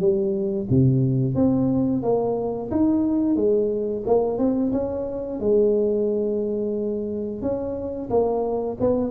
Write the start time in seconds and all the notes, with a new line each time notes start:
0.00 G3
0.70 C3
1.35 C4
2.03 A#3
2.71 D#4
3.36 G#3
4.07 A#3
4.39 C4
4.73 C#4
5.40 G#3
7.42 C#4
8.10 A#3
8.80 B3